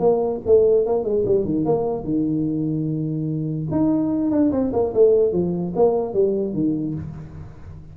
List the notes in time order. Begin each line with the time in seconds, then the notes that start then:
0.00 A#3
0.46 A3
0.86 A#3
1.04 G#3
1.26 G3
1.45 D#3
1.65 A#3
2.04 D#3
3.72 D#4
4.31 D4
4.52 C4
4.73 A#3
4.94 A3
5.33 F3
5.76 A#3
6.14 G3
6.54 D#3